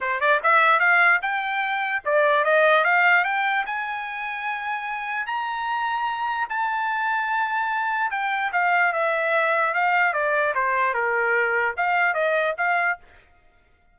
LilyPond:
\new Staff \with { instrumentName = "trumpet" } { \time 4/4 \tempo 4 = 148 c''8 d''8 e''4 f''4 g''4~ | g''4 d''4 dis''4 f''4 | g''4 gis''2.~ | gis''4 ais''2. |
a''1 | g''4 f''4 e''2 | f''4 d''4 c''4 ais'4~ | ais'4 f''4 dis''4 f''4 | }